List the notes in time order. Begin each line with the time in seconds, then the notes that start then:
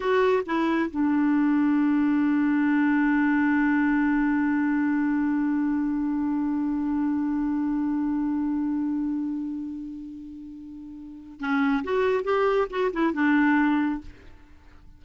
0.00 F#4
0.46 E4
0.90 D4
11.40 C#4
11.84 F#4
12.24 G4
12.69 F#4
12.92 E4
13.13 D4